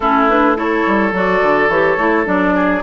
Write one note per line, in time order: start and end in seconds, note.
0.00 0.83 A3
0.00 0.29 C#4
0.00 0.57 E4
0.00 0.27 A4
0.28 0.56 D4
0.28 0.57 B4
0.56 1.12 E4
0.56 2.54 A4
0.56 1.14 C#5
0.87 1.12 G3
1.12 1.40 F#3
1.12 1.70 F#4
1.12 1.69 D5
1.42 1.68 D3
1.68 1.96 E3
1.68 1.98 G4
1.68 2.26 C#5
1.97 2.25 A3
1.97 2.25 E4
2.25 2.83 F#3
2.25 2.81 D4
2.25 2.83 D5
2.54 2.83 G#4